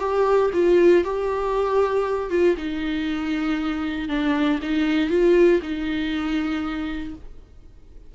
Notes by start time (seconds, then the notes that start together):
0.00 G4
0.54 F4
1.05 G4
2.30 F4
2.57 D#4
4.09 D4
4.62 D#4
5.10 F4
5.62 D#4